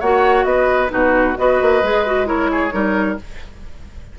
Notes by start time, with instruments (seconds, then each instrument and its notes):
0.00 bassoon A#3, clarinet F#4, oboe C#5, flute F#5
0.44 bassoon B3, oboe B4, flute D#5
0.89 bassoon B2, clarinet D#4, oboe F#4, flute B4
1.38 bassoon B3, clarinet F#4, oboe B4, flute D#5
1.61 bassoon A#3
1.83 bassoon G#3, clarinet G#4
2.06 clarinet F#4
2.26 clarinet E4, oboe A#4, flute C#5
2.51 oboe G#4
2.71 bassoon G3, clarinet D#4, oboe A#4